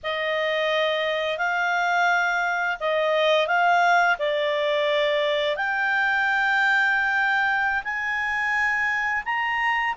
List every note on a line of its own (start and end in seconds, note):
0.03 1.38 D#5
1.38 2.77 F5
2.80 3.47 D#5
3.47 4.16 F5
4.19 5.56 D5
5.56 7.83 G5
7.83 9.23 G#5
9.25 9.95 A#5